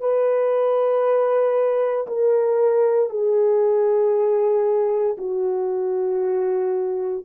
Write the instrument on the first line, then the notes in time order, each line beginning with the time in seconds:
horn
0.00 B4
2.07 A#4
3.10 G#4
5.18 F#4